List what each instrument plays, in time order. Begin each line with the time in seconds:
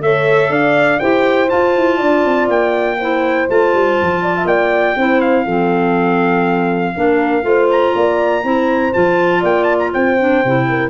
0.00 tuba A3, clarinet A4, horn C#5, trumpet E5
0.50 tuba D4, horn D5, trumpet F5
0.99 tuba E4, clarinet G4, horn C5, trumpet G5
1.48 clarinet F4, tuba F4, trumpet A5
1.76 tuba E4
1.98 tuba D4, horn D5
2.25 tuba C4
2.49 tuba A#3, trumpet G5
2.99 clarinet E4, horn C5
3.49 tuba A3, clarinet F4, trumpet A5
3.74 tuba G3
4.02 tuba F3
4.23 horn D5
4.37 horn E5
4.45 tuba A#3, horn D5, trumpet G5
4.97 tuba C4, clarinet E4, horn C5
5.21 trumpet F5
5.45 tuba F3, clarinet C4, horn A4
6.96 tuba A#3, clarinet D4, horn A#4
7.42 tuba A3, clarinet F4, horn C5
7.70 trumpet A#5
7.95 tuba A#3, horn D5
8.44 tuba C4, clarinet E4, horn C5
8.94 tuba F3, clarinet F4, trumpet A5
9.40 tuba A#3, horn D5, trumpet G5
9.64 trumpet A5
9.79 trumpet A#5
9.92 tuba C4, horn C5, trumpet G5
10.19 clarinet D4
10.45 tuba C3, clarinet E4
10.69 horn A#4